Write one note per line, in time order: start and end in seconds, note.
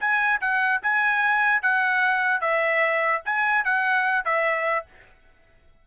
0.00 0.41 G#5
0.41 0.81 F#5
0.82 1.62 G#5
1.62 2.41 F#5
2.41 3.22 E5
3.25 3.64 G#5
3.64 4.25 F#5
4.25 4.86 E5